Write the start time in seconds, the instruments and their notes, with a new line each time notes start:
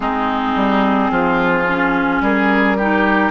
0.00 bassoon G#3, clarinet C4, oboe D#4, flute G#4
0.55 bassoon G3
1.10 bassoon F3, oboe F4
1.68 clarinet C#4
2.20 bassoon G3, oboe G#4, flute A#4
2.77 clarinet D#4, oboe G4